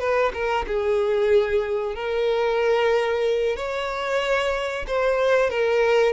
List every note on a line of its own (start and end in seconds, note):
0.00 0.32 B4
0.34 0.66 A#4
0.67 1.95 G#4
1.95 3.57 A#4
3.57 4.86 C#5
4.87 5.50 C5
5.50 6.13 A#4